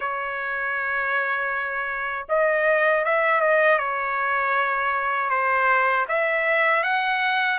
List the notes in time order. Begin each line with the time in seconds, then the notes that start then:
0.00 C#5
2.28 D#5
3.04 E5
3.40 D#5
3.78 C#5
5.30 C5
6.08 E5
6.83 F#5